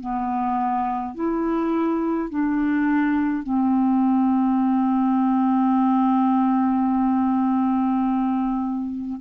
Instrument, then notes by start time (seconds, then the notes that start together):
clarinet
0.00 B3
1.15 E4
2.29 D4
3.43 C4